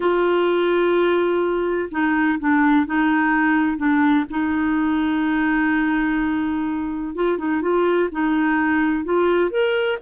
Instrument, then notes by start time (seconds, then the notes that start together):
clarinet
0.00 F4
1.91 D#4
2.39 D4
2.86 D#4
3.77 D4
4.29 D#4
7.15 F4
7.38 D#4
7.61 F4
8.11 D#4
9.04 F4
9.50 A#4